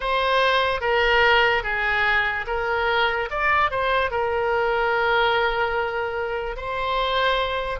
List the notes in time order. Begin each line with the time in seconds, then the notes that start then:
0.00 C5
0.80 A#4
1.63 G#4
2.47 A#4
3.30 D5
3.71 C5
4.11 A#4
6.56 C5